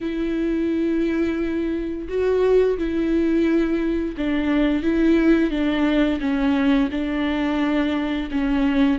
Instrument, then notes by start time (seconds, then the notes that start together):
viola
0.01 E4
2.08 F#4
2.77 E4
4.17 D4
4.82 E4
5.50 D4
6.20 C#4
6.91 D4
8.31 C#4